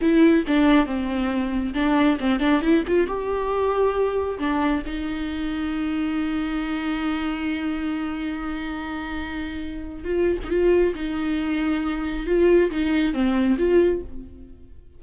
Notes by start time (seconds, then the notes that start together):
0.01 E4
0.47 D4
0.85 C4
1.74 D4
2.20 C4
2.39 D4
2.61 E4
2.87 F4
3.07 G4
4.38 D4
4.86 D#4
10.04 F4
10.44 D#4
10.50 F4
10.94 D#4
12.26 F4
12.70 D#4
13.13 C4
13.58 F4